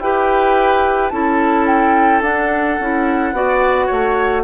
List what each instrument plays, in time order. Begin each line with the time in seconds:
0.00 bassoon E4, clarinet G4, oboe B4, flute G5
1.10 bassoon C#4, clarinet E4, oboe A4, flute A5
1.67 flute G5
2.22 bassoon D4, clarinet D4, flute F#5
2.80 bassoon C#4, clarinet E4
3.33 bassoon B3, clarinet F#4, oboe D5
3.87 bassoon A3, oboe C#5